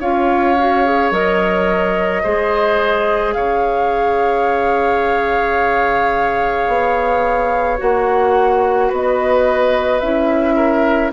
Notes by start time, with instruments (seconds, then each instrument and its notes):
0.00 bassoon C#4, clarinet F4, oboe C#5, flute F5
0.59 clarinet F#4
0.84 clarinet G#4
1.11 bassoon F#3, clarinet A#4, flute D#5
2.23 bassoon G#3, clarinet G#4, oboe C5
3.33 bassoon C#3, oboe C#5, flute F5
6.67 bassoon B3
7.78 bassoon A#3, clarinet F#4, flute F#5
8.88 bassoon B3, oboe B4, flute D#5
10.00 bassoon C#4, clarinet E4, flute E5
10.55 oboe A#4